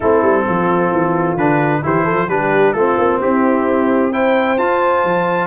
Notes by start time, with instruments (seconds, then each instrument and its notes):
0.00 tuba A3, trombone C4, horn E4, trumpet A4
0.21 tuba G3
0.45 tuba F3, horn F4
0.91 tuba E3
1.36 tuba D3, trombone D4, trumpet B4
1.82 tuba E3, trombone E4, horn G4, trumpet C5
2.04 tuba F3, horn A4
2.28 tuba G3, trombone D4, horn G4, trumpet B4
2.72 tuba A3, trombone C4, horn F4, trumpet A4
2.98 tuba A#3
3.21 tuba C4, horn E4, trumpet G4
4.12 trombone E4, horn C5, trumpet G5
4.58 tuba F4, trombone F4, trumpet A5
5.03 tuba F3